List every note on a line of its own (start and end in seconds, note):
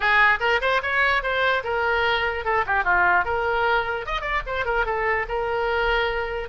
0.00 0.39 G#4
0.40 0.60 A#4
0.61 0.81 C5
0.82 1.22 C#5
1.22 1.63 C5
1.63 2.44 A#4
2.44 2.65 A4
2.66 2.84 G4
2.84 3.24 F4
3.24 4.05 A#4
4.06 4.21 D#5
4.21 4.41 D5
4.46 4.65 C5
4.65 4.85 A#4
4.85 5.26 A4
5.28 6.48 A#4